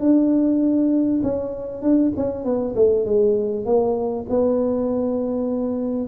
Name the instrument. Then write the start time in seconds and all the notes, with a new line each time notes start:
tuba
0.00 D4
1.23 C#4
1.82 D4
2.16 C#4
2.44 B3
2.75 A3
3.05 G#3
3.65 A#3
4.29 B3